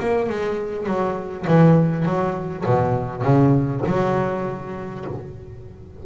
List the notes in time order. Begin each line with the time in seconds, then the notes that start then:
0.00 A#3
0.29 G#3
0.86 F#3
1.47 E3
2.05 F#3
2.65 B2
3.22 C#3
3.86 F#3